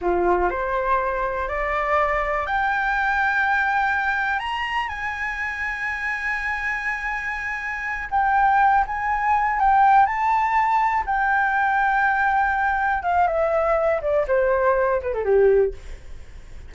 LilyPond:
\new Staff \with { instrumentName = "flute" } { \time 4/4 \tempo 4 = 122 f'4 c''2 d''4~ | d''4 g''2.~ | g''4 ais''4 gis''2~ | gis''1~ |
gis''8 g''4. gis''4. g''8~ | g''8 a''2 g''4.~ | g''2~ g''8 f''8 e''4~ | e''8 d''8 c''4. b'16 a'16 g'4 | }